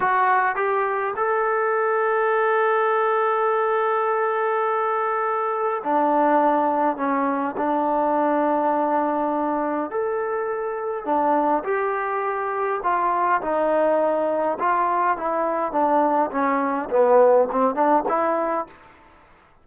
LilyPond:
\new Staff \with { instrumentName = "trombone" } { \time 4/4 \tempo 4 = 103 fis'4 g'4 a'2~ | a'1~ | a'2 d'2 | cis'4 d'2.~ |
d'4 a'2 d'4 | g'2 f'4 dis'4~ | dis'4 f'4 e'4 d'4 | cis'4 b4 c'8 d'8 e'4 | }